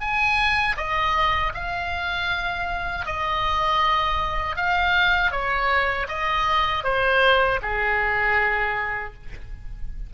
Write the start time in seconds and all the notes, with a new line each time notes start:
0.00 G#5
0.77 D#5
1.54 F5
3.06 D#5
4.56 F5
5.31 C#5
6.08 D#5
6.84 C5
7.62 G#4